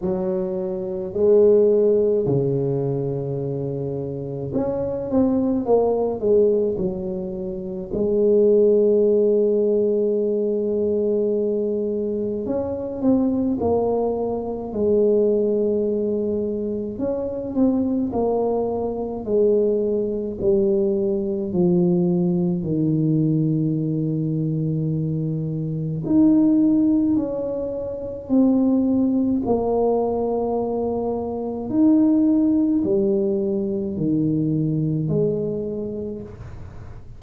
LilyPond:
\new Staff \with { instrumentName = "tuba" } { \time 4/4 \tempo 4 = 53 fis4 gis4 cis2 | cis'8 c'8 ais8 gis8 fis4 gis4~ | gis2. cis'8 c'8 | ais4 gis2 cis'8 c'8 |
ais4 gis4 g4 f4 | dis2. dis'4 | cis'4 c'4 ais2 | dis'4 g4 dis4 gis4 | }